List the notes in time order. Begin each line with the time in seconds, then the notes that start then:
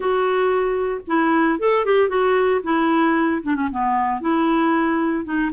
0.00 F#4
1.07 E4
1.59 A4
1.85 G4
2.08 F#4
2.63 E4
3.42 D4
3.55 C#4
3.71 B3
4.21 E4
5.24 D#4